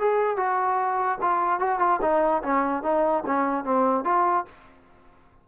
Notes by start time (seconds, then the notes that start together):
0.00 G#4
0.37 F#4
1.22 F4
1.60 F#4
1.80 F4
2.02 D#4
2.43 C#4
2.83 D#4
3.27 C#4
3.65 C4
4.05 F4